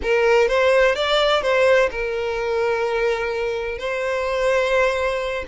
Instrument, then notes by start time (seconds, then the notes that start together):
violin
0.02 A#4
0.48 C5
0.95 D5
1.42 C5
1.90 A#4
3.78 C5